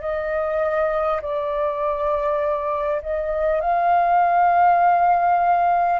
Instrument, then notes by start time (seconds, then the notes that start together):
flute
0.00 D#5
1.21 D5
3.02 D#5
3.60 F5